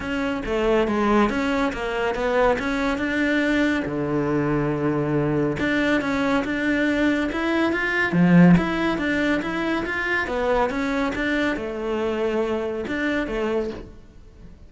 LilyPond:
\new Staff \with { instrumentName = "cello" } { \time 4/4 \tempo 4 = 140 cis'4 a4 gis4 cis'4 | ais4 b4 cis'4 d'4~ | d'4 d2.~ | d4 d'4 cis'4 d'4~ |
d'4 e'4 f'4 f4 | e'4 d'4 e'4 f'4 | b4 cis'4 d'4 a4~ | a2 d'4 a4 | }